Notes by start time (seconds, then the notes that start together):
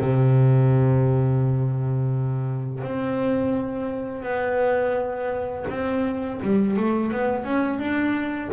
0.00 C3
2.83 C4
4.22 B3
5.69 C4
6.41 G3
6.76 A3
7.11 B3
7.44 C#4
7.79 D4